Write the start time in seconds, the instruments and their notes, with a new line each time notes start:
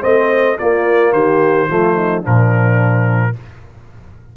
0.00 tuba A3, trombone C4, horn C5, trumpet D#5
0.59 tuba A#3, trombone A#3, horn F4, trumpet D5
1.13 tuba D#3, horn G4, trumpet C5
1.69 tuba F3, trombone A3, horn F4
1.95 horn D#4
2.22 tuba A#2, trombone F3, horn D4, trumpet A#4